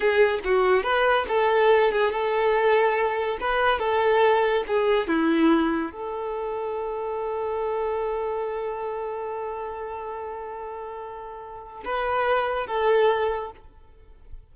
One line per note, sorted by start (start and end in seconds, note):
0.00 0.39 G#4
0.44 0.83 F#4
0.83 1.25 B4
1.28 1.91 A4
1.91 2.11 G#4
2.11 3.38 A4
3.40 3.79 B4
3.79 4.63 A4
4.67 5.07 G#4
5.07 5.91 E4
5.91 11.83 A4
11.84 12.66 B4
12.66 13.51 A4